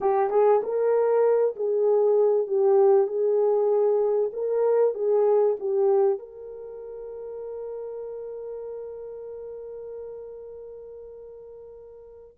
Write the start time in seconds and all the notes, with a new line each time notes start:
0.00 G4
0.30 G#4
0.62 A#4
1.55 G#4
2.47 G4
3.07 G#4
4.32 A#4
4.94 G#4
5.59 G4
6.18 A#4